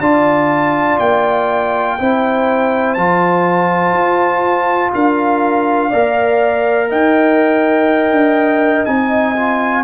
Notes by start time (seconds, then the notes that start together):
0.00 D4 F4 D5 A5
0.99 A#3 G5
1.99 C4 E4 C5
2.94 F3 F4 A5
3.93 F4
4.94 D4 A#4 F5
5.90 A#3 A#4 D5
6.90 D#4 D#5 G5
8.12 D4
8.86 C4 D#4 G#5
9.36 F4